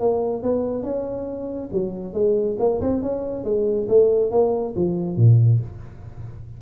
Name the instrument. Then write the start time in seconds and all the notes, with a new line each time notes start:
tuba
0.00 A#3
0.43 B3
0.83 C#4
1.72 F#3
2.13 G#3
2.59 A#3
2.81 C4
3.02 C#4
3.44 G#3
3.89 A3
4.31 A#3
4.76 F3
5.17 A#2